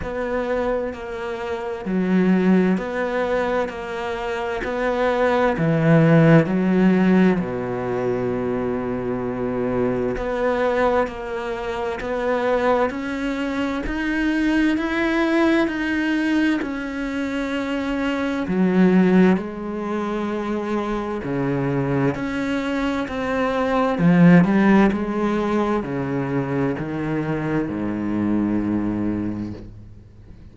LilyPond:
\new Staff \with { instrumentName = "cello" } { \time 4/4 \tempo 4 = 65 b4 ais4 fis4 b4 | ais4 b4 e4 fis4 | b,2. b4 | ais4 b4 cis'4 dis'4 |
e'4 dis'4 cis'2 | fis4 gis2 cis4 | cis'4 c'4 f8 g8 gis4 | cis4 dis4 gis,2 | }